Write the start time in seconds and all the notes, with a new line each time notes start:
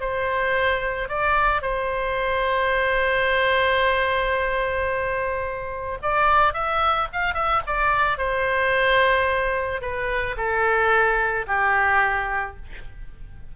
0.00 C5
1.08 D5
1.61 C5
6.02 D5
6.53 E5
7.12 F5
7.34 E5
7.66 D5
8.17 C5
9.81 B4
10.37 A4
11.47 G4